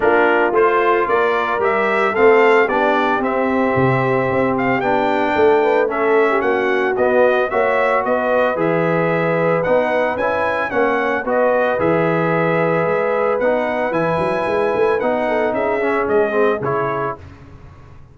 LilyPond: <<
  \new Staff \with { instrumentName = "trumpet" } { \time 4/4 \tempo 4 = 112 ais'4 c''4 d''4 e''4 | f''4 d''4 e''2~ | e''8 f''8 g''2 e''4 | fis''4 dis''4 e''4 dis''4 |
e''2 fis''4 gis''4 | fis''4 dis''4 e''2~ | e''4 fis''4 gis''2 | fis''4 e''4 dis''4 cis''4 | }
  \new Staff \with { instrumentName = "horn" } { \time 4/4 f'2 ais'2 | a'4 g'2.~ | g'2 a'8 b'8 a'8. g'16 | fis'2 cis''4 b'4~ |
b'1 | cis''4 b'2.~ | b'1~ | b'8 a'8 gis'2. | }
  \new Staff \with { instrumentName = "trombone" } { \time 4/4 d'4 f'2 g'4 | c'4 d'4 c'2~ | c'4 d'2 cis'4~ | cis'4 b4 fis'2 |
gis'2 dis'4 e'4 | cis'4 fis'4 gis'2~ | gis'4 dis'4 e'2 | dis'4. cis'4 c'8 e'4 | }
  \new Staff \with { instrumentName = "tuba" } { \time 4/4 ais4 a4 ais4 g4 | a4 b4 c'4 c4 | c'4 b4 a2 | ais4 b4 ais4 b4 |
e2 b4 cis'4 | ais4 b4 e2 | gis4 b4 e8 fis8 gis8 a8 | b4 cis'4 gis4 cis4 | }
>>